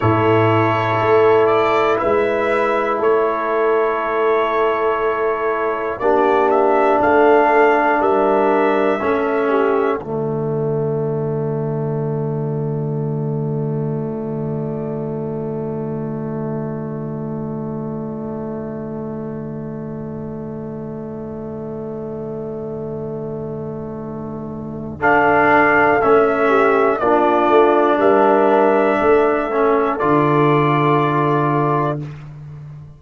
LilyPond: <<
  \new Staff \with { instrumentName = "trumpet" } { \time 4/4 \tempo 4 = 60 cis''4. d''8 e''4 cis''4~ | cis''2 d''8 e''8 f''4 | e''2 d''2~ | d''1~ |
d''1~ | d''1~ | d''4 f''4 e''4 d''4 | e''2 d''2 | }
  \new Staff \with { instrumentName = "horn" } { \time 4/4 a'2 b'4 a'4~ | a'2 g'4 a'4 | ais'4 a'8 g'8 f'2~ | f'1~ |
f'1~ | f'1~ | f'4 a'4. g'8 f'4 | ais'4 a'2. | }
  \new Staff \with { instrumentName = "trombone" } { \time 4/4 e'1~ | e'2 d'2~ | d'4 cis'4 a2~ | a1~ |
a1~ | a1~ | a4 d'4 cis'4 d'4~ | d'4. cis'8 f'2 | }
  \new Staff \with { instrumentName = "tuba" } { \time 4/4 a,4 a4 gis4 a4~ | a2 ais4 a4 | g4 a4 d2~ | d1~ |
d1~ | d1~ | d2 a4 ais8 a8 | g4 a4 d2 | }
>>